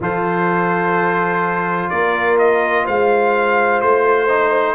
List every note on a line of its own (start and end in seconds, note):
0.00 1.87 F3
0.00 4.28 F4
0.00 1.92 A4
0.00 1.89 C5
1.89 2.86 A#3
1.89 2.85 A#4
1.89 2.37 D5
2.38 2.86 D#5
2.85 3.81 G#3
2.85 4.74 C5
2.85 3.81 F5
3.81 4.74 A3
3.81 4.74 C5
4.28 4.74 D#4